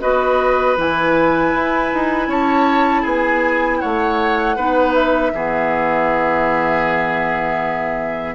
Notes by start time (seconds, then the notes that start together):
0.00 B3 F#4 B4 D#5
0.77 E3 E4 G#5
1.54 E4
1.94 D#4
2.27 C#4 C#5 A5
3.02 B3 G#4 G#5
3.79 A3 C#5 F#5
4.56 B3 D#4 B4
4.94 E5
5.33 E3 B3 G#4